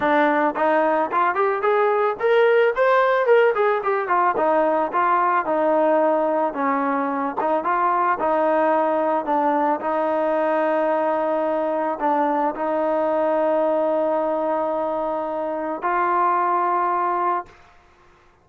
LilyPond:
\new Staff \with { instrumentName = "trombone" } { \time 4/4 \tempo 4 = 110 d'4 dis'4 f'8 g'8 gis'4 | ais'4 c''4 ais'8 gis'8 g'8 f'8 | dis'4 f'4 dis'2 | cis'4. dis'8 f'4 dis'4~ |
dis'4 d'4 dis'2~ | dis'2 d'4 dis'4~ | dis'1~ | dis'4 f'2. | }